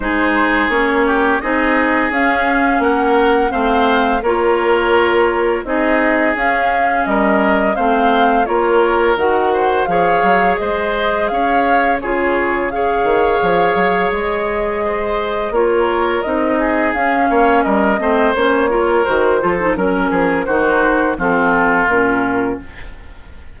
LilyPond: <<
  \new Staff \with { instrumentName = "flute" } { \time 4/4 \tempo 4 = 85 c''4 cis''4 dis''4 f''4 | fis''4 f''4 cis''2 | dis''4 f''4 dis''4 f''4 | cis''4 fis''4 f''4 dis''4 |
f''4 cis''4 f''2 | dis''2 cis''4 dis''4 | f''4 dis''4 cis''4 c''4 | ais'4 c''4 a'4 ais'4 | }
  \new Staff \with { instrumentName = "oboe" } { \time 4/4 gis'4. g'8 gis'2 | ais'4 c''4 ais'2 | gis'2 ais'4 c''4 | ais'4. c''8 cis''4 c''4 |
cis''4 gis'4 cis''2~ | cis''4 c''4 ais'4. gis'8~ | gis'8 cis''8 ais'8 c''4 ais'4 a'8 | ais'8 gis'8 fis'4 f'2 | }
  \new Staff \with { instrumentName = "clarinet" } { \time 4/4 dis'4 cis'4 dis'4 cis'4~ | cis'4 c'4 f'2 | dis'4 cis'2 c'4 | f'4 fis'4 gis'2~ |
gis'4 f'4 gis'2~ | gis'2 f'4 dis'4 | cis'4. c'8 cis'8 f'8 fis'8 f'16 dis'16 | cis'4 dis'4 c'4 cis'4 | }
  \new Staff \with { instrumentName = "bassoon" } { \time 4/4 gis4 ais4 c'4 cis'4 | ais4 a4 ais2 | c'4 cis'4 g4 a4 | ais4 dis4 f8 fis8 gis4 |
cis'4 cis4. dis8 f8 fis8 | gis2 ais4 c'4 | cis'8 ais8 g8 a8 ais4 dis8 f8 | fis8 f8 dis4 f4 ais,4 | }
>>